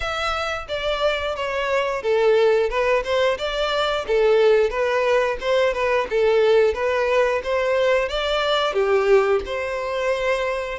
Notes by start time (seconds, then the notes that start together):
0.00 E5
0.68 D5
1.35 C#5
2.02 A4
2.69 B4
3.04 C5
3.38 D5
4.07 A4
4.69 B4
5.40 C5
5.73 B4
6.10 A4
6.74 B4
7.43 C5
8.08 D5
8.73 G4
9.45 C5